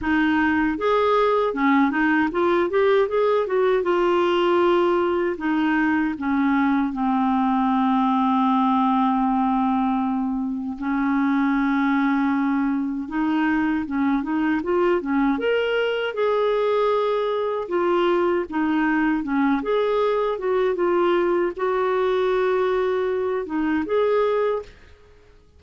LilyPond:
\new Staff \with { instrumentName = "clarinet" } { \time 4/4 \tempo 4 = 78 dis'4 gis'4 cis'8 dis'8 f'8 g'8 | gis'8 fis'8 f'2 dis'4 | cis'4 c'2.~ | c'2 cis'2~ |
cis'4 dis'4 cis'8 dis'8 f'8 cis'8 | ais'4 gis'2 f'4 | dis'4 cis'8 gis'4 fis'8 f'4 | fis'2~ fis'8 dis'8 gis'4 | }